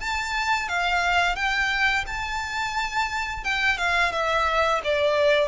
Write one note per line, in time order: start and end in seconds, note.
0.00 0.69 A5
0.69 1.36 F5
1.36 2.05 G5
2.07 3.45 A5
3.45 3.78 G5
3.78 4.12 F5
4.12 4.81 E5
4.84 5.49 D5